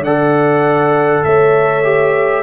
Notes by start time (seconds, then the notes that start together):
0.00 D3 A4 D5 F#5
1.24 A3 C#5 E5
1.83 G4